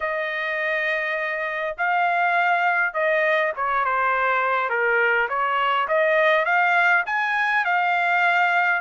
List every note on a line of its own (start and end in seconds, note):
0.00 1.76 D#5
1.77 2.93 F5
2.93 3.52 D#5
3.56 3.84 C#5
3.84 4.69 C5
4.69 5.28 A#4
5.28 5.87 C#5
5.88 6.45 D#5
6.45 7.03 F5
7.06 7.64 G#5
7.64 8.81 F5